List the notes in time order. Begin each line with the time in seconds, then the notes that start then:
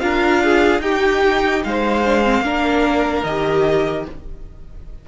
0.00 D4 F4 A#4 F5
0.44 G#4
0.80 D#4 G4 G5
1.64 G#3 C5 F5
2.06 D4
2.25 C4
2.42 A#3 D4 A#4
3.24 D#3 G4 D#5